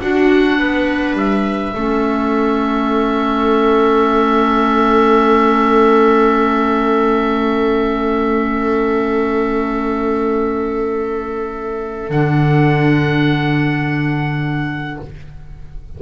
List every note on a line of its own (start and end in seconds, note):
0.00 1.73 D4
0.00 0.59 D4
0.00 0.58 F#4
0.00 1.16 F#5
0.58 1.13 B3
0.58 1.74 B4
1.13 1.71 G3
1.13 12.11 E5
1.75 12.09 A3
1.75 12.12 C#4
1.75 15.02 A4
12.09 14.98 D3
12.09 15.01 D4
12.09 15.00 F#5